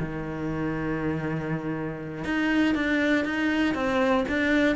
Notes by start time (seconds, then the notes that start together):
0.00 D#3
2.25 D#4
2.75 D4
3.25 D#4
3.75 C4
4.29 D4